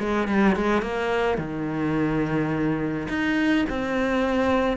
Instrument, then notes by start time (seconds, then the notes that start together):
cello
0.00 G#3
0.28 G3
0.56 G#3
0.82 A#3
1.38 D#3
3.09 D#4
3.70 C4